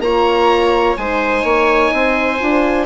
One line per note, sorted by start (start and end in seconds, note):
0.00 0.95 A#3
0.00 0.98 F4
0.00 0.99 C#5
0.00 0.97 A#5
0.98 1.44 G#3
0.98 2.40 D#4
0.98 1.45 C5
0.98 2.86 G#5
1.44 1.91 A#3
1.44 1.93 C#5
1.93 2.41 C4
1.93 2.86 C5
2.40 2.86 D4
2.40 2.86 F4